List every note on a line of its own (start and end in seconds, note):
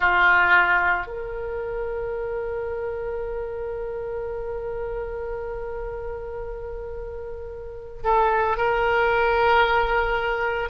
0.00 1.06 F4
1.07 8.03 A#4
8.03 8.57 A4
8.57 10.69 A#4